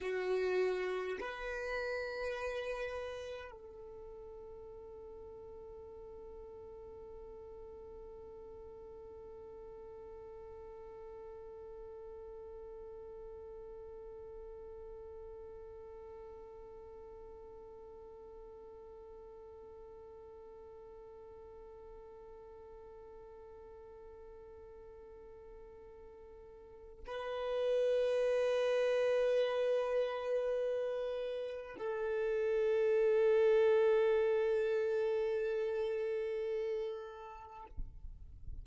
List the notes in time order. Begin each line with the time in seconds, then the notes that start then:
0.00 F#4
1.20 B4
3.51 A4
27.06 B4
31.78 A4